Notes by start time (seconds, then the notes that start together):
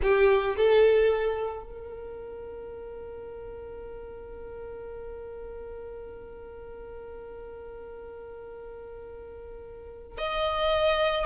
0.02 G4
0.56 A4
1.63 A#4
10.18 D#5